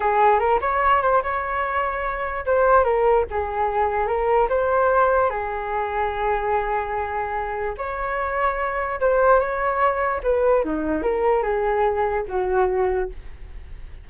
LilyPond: \new Staff \with { instrumentName = "flute" } { \time 4/4 \tempo 4 = 147 gis'4 ais'8 cis''4 c''8 cis''4~ | cis''2 c''4 ais'4 | gis'2 ais'4 c''4~ | c''4 gis'2.~ |
gis'2. cis''4~ | cis''2 c''4 cis''4~ | cis''4 b'4 dis'4 ais'4 | gis'2 fis'2 | }